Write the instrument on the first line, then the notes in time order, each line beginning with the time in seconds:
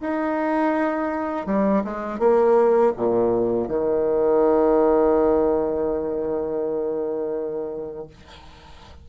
bassoon
0.00 D#4
1.46 G3
1.84 G#3
2.19 A#3
2.96 A#2
3.68 D#3